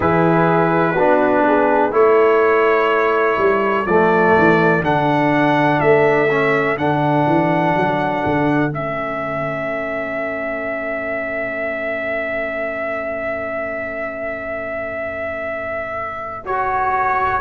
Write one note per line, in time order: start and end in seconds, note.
0.00 0.95 E3
0.00 0.96 E4
0.00 0.93 G#4
0.00 1.93 B4
0.93 1.92 B3
0.93 1.91 D4
0.93 1.42 F#4
1.47 1.95 G#4
1.91 3.37 A3
1.91 3.84 E4
1.91 17.40 A4
1.91 3.86 C#5
3.37 3.85 G3
3.85 4.33 F3
3.85 4.83 A3
3.85 4.83 D5
4.38 4.81 E3
4.81 5.78 D3
4.81 6.28 D4
4.81 5.80 F#5
5.80 6.77 A3
5.80 6.77 E5
6.30 6.77 C#4
6.77 7.26 D3
6.77 8.69 D4
6.77 8.71 F#5
7.26 7.74 E3
7.75 8.24 F#3
8.25 8.71 D3
8.69 17.40 A3
8.69 16.43 C#4
8.69 16.46 E5
16.44 17.40 F#4
16.44 17.40 C#5